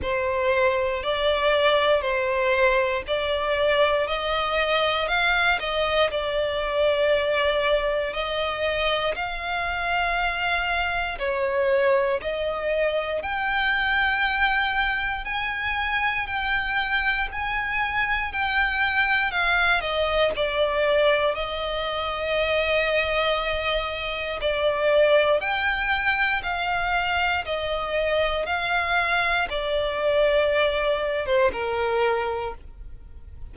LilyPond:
\new Staff \with { instrumentName = "violin" } { \time 4/4 \tempo 4 = 59 c''4 d''4 c''4 d''4 | dis''4 f''8 dis''8 d''2 | dis''4 f''2 cis''4 | dis''4 g''2 gis''4 |
g''4 gis''4 g''4 f''8 dis''8 | d''4 dis''2. | d''4 g''4 f''4 dis''4 | f''4 d''4.~ d''16 c''16 ais'4 | }